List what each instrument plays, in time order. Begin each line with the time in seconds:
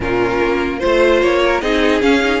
0.00 cello A#2, viola C#4, violin F4 A#4
0.42 cello A#3
0.78 viola F4, violin C5
0.85 cello A3
1.21 cello A#3, violin C#5
1.44 violin A#4
1.60 cello C4, viola D#4, violin G#4 D#5
2.01 viola C#4, cello C#4, violin F5
2.22 viola D#4